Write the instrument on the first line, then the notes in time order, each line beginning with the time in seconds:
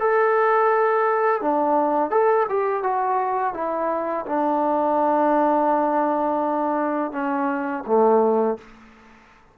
trombone
0.00 A4
1.42 D4
2.11 A4
2.49 G4
2.83 F#4
3.54 E4
4.27 D4
7.12 C#4
7.87 A3